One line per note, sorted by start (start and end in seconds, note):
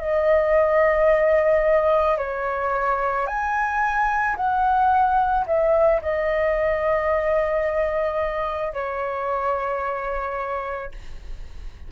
0.00 2.18 D#5
2.18 3.27 C#5
3.27 4.36 G#5
4.37 5.46 F#5
5.46 6.01 E5
6.01 8.73 D#5
8.73 10.91 C#5